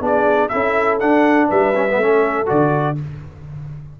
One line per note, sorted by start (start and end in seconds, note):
0.00 0.49 B3
0.00 0.49 D4
0.00 0.50 G#4
0.00 0.48 D5
0.48 1.01 C#4
0.48 1.00 E4
0.48 1.48 A4
0.48 0.97 E5
0.99 1.74 D4
0.99 1.50 D4
0.99 1.48 F#5
1.48 1.96 G3
1.48 1.97 B4
1.48 2.48 E5
1.75 1.87 C#4
1.88 2.01 B3
1.96 2.45 A3
1.96 2.46 C#4
1.96 2.99 A4
2.46 2.99 D3
2.46 2.95 F#4
2.46 2.97 D5